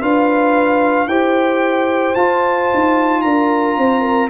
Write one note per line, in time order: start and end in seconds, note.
0.00 1.07 D4
0.00 1.07 F4
0.00 1.07 B4
0.00 1.07 F5
1.07 2.14 E4
1.07 2.15 G4
1.07 3.23 C5
1.07 2.14 G5
2.14 4.29 F4
2.14 2.69 F4
2.14 3.21 A5
2.73 3.23 D#4
3.21 3.77 D4
3.21 3.77 A#4
3.21 4.28 A#5
3.77 4.29 C4
3.77 4.00 C5
4.00 4.27 A#4